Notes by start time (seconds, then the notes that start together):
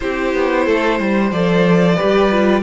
0.00 C4 E4 G4 C5
0.34 B3
0.65 A3 A4
0.99 G3 C5
1.31 F3 A4 D5
1.95 G4 B4
2.02 G3
2.31 F4